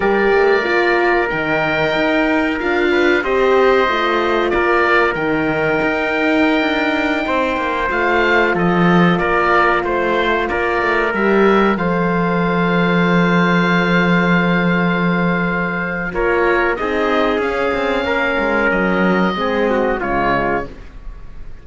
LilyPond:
<<
  \new Staff \with { instrumentName = "oboe" } { \time 4/4 \tempo 4 = 93 d''2 g''2 | f''4 dis''2 d''4 | g''1~ | g''16 f''4 dis''4 d''4 c''8.~ |
c''16 d''4 e''4 f''4.~ f''16~ | f''1~ | f''4 cis''4 dis''4 f''4~ | f''4 dis''2 cis''4 | }
  \new Staff \with { instrumentName = "trumpet" } { \time 4/4 ais'1~ | ais'8 b'8 c''2 ais'4~ | ais'2.~ ais'16 c''8.~ | c''4~ c''16 a'4 ais'4 c''8.~ |
c''16 ais'2 c''4.~ c''16~ | c''1~ | c''4 ais'4 gis'2 | ais'2 gis'8 fis'8 f'4 | }
  \new Staff \with { instrumentName = "horn" } { \time 4/4 g'4 f'4 dis'2 | f'4 g'4 f'2 | dis'1~ | dis'16 f'2.~ f'8.~ |
f'4~ f'16 g'4 a'4.~ a'16~ | a'1~ | a'4 f'4 dis'4 cis'4~ | cis'2 c'4 gis4 | }
  \new Staff \with { instrumentName = "cello" } { \time 4/4 g8 a8 ais4 dis4 dis'4 | d'4 c'4 a4 ais4 | dis4 dis'4~ dis'16 d'4 c'8 ais16~ | ais16 a4 f4 ais4 a8.~ |
a16 ais8 a8 g4 f4.~ f16~ | f1~ | f4 ais4 c'4 cis'8 c'8 | ais8 gis8 fis4 gis4 cis4 | }
>>